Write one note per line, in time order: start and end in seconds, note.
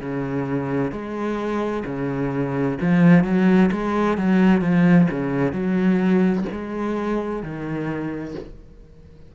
0.00 0.91 C#3
0.91 1.83 G#3
1.85 2.78 C#3
2.81 3.24 F3
3.24 3.70 F#3
3.71 4.17 G#3
4.17 4.61 F#3
4.61 5.07 F3
5.11 5.52 C#3
5.52 6.44 F#3
6.52 7.42 G#3
7.42 8.35 D#3